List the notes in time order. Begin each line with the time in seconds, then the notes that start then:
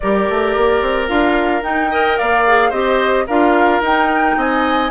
0.00 G3 G4 A#4 D5
0.29 A3
0.56 A#3
0.81 C4
1.07 D4 F4 F5
1.62 D#4 G5
1.90 A#4 D#5
2.17 A#3 D5 F5
2.46 G#4
2.69 C4 G4 C5 D#5
3.26 D4 F4 A#4 F5
3.81 D#4 G5
4.36 C4 D#5 G#5